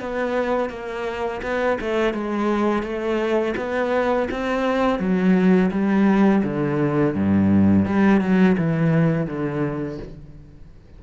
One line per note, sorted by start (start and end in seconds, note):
0.00 0.70 B3
0.70 1.41 A#3
1.43 1.78 B3
1.81 2.14 A3
2.14 2.83 G#3
2.83 3.55 A3
3.57 4.29 B3
4.31 4.99 C4
4.99 5.71 F#3
5.71 6.43 G3
6.44 7.15 D3
7.15 7.86 G2
7.86 8.21 G3
8.21 8.57 F#3
8.57 9.27 E3
9.27 9.98 D3